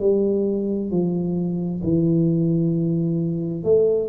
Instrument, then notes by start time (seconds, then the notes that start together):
tuba
0.00 G3
0.91 F3
1.83 E3
3.64 A3